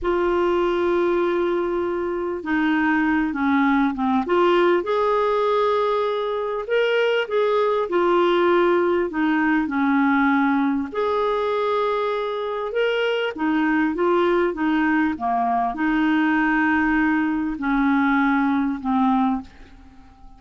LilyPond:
\new Staff \with { instrumentName = "clarinet" } { \time 4/4 \tempo 4 = 99 f'1 | dis'4. cis'4 c'8 f'4 | gis'2. ais'4 | gis'4 f'2 dis'4 |
cis'2 gis'2~ | gis'4 ais'4 dis'4 f'4 | dis'4 ais4 dis'2~ | dis'4 cis'2 c'4 | }